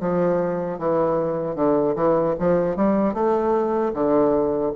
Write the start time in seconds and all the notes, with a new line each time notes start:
0.00 F3
0.79 E3
1.55 D3
1.95 E3
2.39 F3
2.76 G3
3.13 A3
3.94 D3